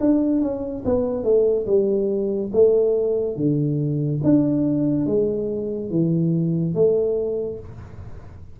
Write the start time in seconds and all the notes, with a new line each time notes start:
0.00 D4
0.41 C#4
0.85 B3
1.23 A3
1.66 G3
2.52 A3
3.36 D3
4.23 D4
5.06 G#3
5.90 E3
6.75 A3